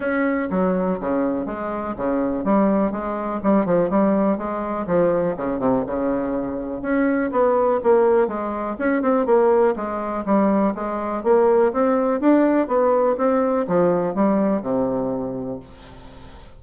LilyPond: \new Staff \with { instrumentName = "bassoon" } { \time 4/4 \tempo 4 = 123 cis'4 fis4 cis4 gis4 | cis4 g4 gis4 g8 f8 | g4 gis4 f4 cis8 c8 | cis2 cis'4 b4 |
ais4 gis4 cis'8 c'8 ais4 | gis4 g4 gis4 ais4 | c'4 d'4 b4 c'4 | f4 g4 c2 | }